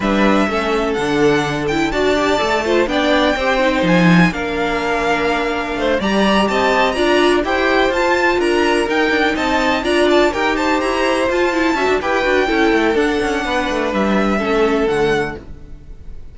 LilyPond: <<
  \new Staff \with { instrumentName = "violin" } { \time 4/4 \tempo 4 = 125 e''2 fis''4. g''8 | a''2 g''2 | gis''4 f''2.~ | f''8 ais''4 a''4 ais''4 g''8~ |
g''8 a''4 ais''4 g''4 a''8~ | a''8 ais''8 a''8 g''8 a''8 ais''4 a''8~ | a''4 g''2 fis''4~ | fis''4 e''2 fis''4 | }
  \new Staff \with { instrumentName = "violin" } { \time 4/4 b'4 a'2. | d''4. c''8 d''4 c''4~ | c''4 ais'2. | c''8 d''4 dis''4 d''4 c''8~ |
c''4. ais'2 dis''8~ | dis''8 d''4 ais'8 c''2~ | c''8 e''8 b'4 a'2 | b'2 a'2 | }
  \new Staff \with { instrumentName = "viola" } { \time 4/4 d'4 cis'4 d'4. e'8 | fis'8 g'8 a'8 f'8 d'4 g'8 dis'8~ | dis'4 d'2.~ | d'8 g'2 f'4 g'8~ |
g'8 f'2 dis'4.~ | dis'8 f'4 g'2 f'8 | e'8 fis'8 g'8 fis'8 e'4 d'4~ | d'2 cis'4 a4 | }
  \new Staff \with { instrumentName = "cello" } { \time 4/4 g4 a4 d2 | d'4 a4 b4 c'4 | f4 ais2. | a8 g4 c'4 d'4 e'8~ |
e'8 f'4 d'4 dis'8 d'8 c'8~ | c'8 d'4 dis'4 e'4 f'8~ | f'8 cis'16 d'16 e'8 d'8 cis'8 a8 d'8 cis'8 | b8 a8 g4 a4 d4 | }
>>